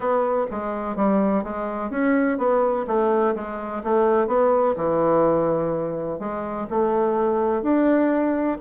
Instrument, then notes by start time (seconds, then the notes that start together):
bassoon
0.00 B3
0.50 G#3
0.95 G3
1.43 G#3
1.90 C#4
2.37 B3
2.87 A3
3.35 G#3
3.83 A3
4.27 B3
4.76 E3
6.19 G#3
6.70 A3
7.62 D4